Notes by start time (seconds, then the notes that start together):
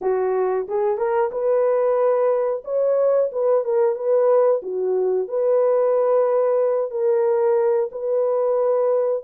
0.01 F#4
0.68 G#4
0.97 A#4
1.31 B4
2.64 C#5
3.31 B4
3.64 A#4
3.95 B4
4.62 F#4
5.27 B4
6.91 A#4
7.91 B4